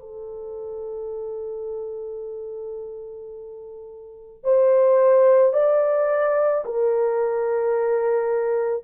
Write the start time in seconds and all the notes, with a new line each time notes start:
0.00 A4
4.43 C5
5.53 D5
6.65 A#4